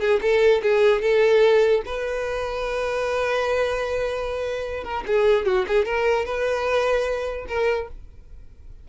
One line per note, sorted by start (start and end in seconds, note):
0.00 0.20 G#4
0.22 0.62 A4
0.63 1.02 G#4
1.02 1.82 A4
1.86 4.84 B4
4.84 5.04 A#4
5.07 5.46 G#4
5.46 5.66 F#4
5.68 5.85 G#4
5.85 6.25 A#4
6.25 7.46 B4
7.48 7.88 A#4